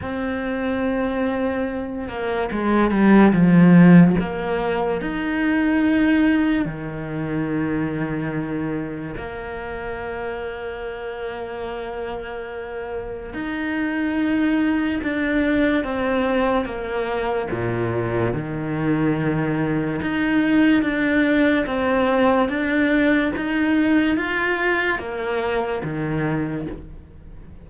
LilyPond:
\new Staff \with { instrumentName = "cello" } { \time 4/4 \tempo 4 = 72 c'2~ c'8 ais8 gis8 g8 | f4 ais4 dis'2 | dis2. ais4~ | ais1 |
dis'2 d'4 c'4 | ais4 ais,4 dis2 | dis'4 d'4 c'4 d'4 | dis'4 f'4 ais4 dis4 | }